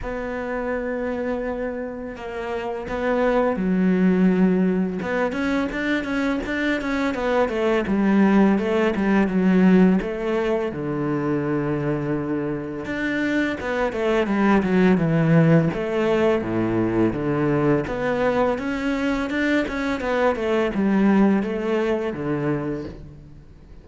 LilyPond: \new Staff \with { instrumentName = "cello" } { \time 4/4 \tempo 4 = 84 b2. ais4 | b4 fis2 b8 cis'8 | d'8 cis'8 d'8 cis'8 b8 a8 g4 | a8 g8 fis4 a4 d4~ |
d2 d'4 b8 a8 | g8 fis8 e4 a4 a,4 | d4 b4 cis'4 d'8 cis'8 | b8 a8 g4 a4 d4 | }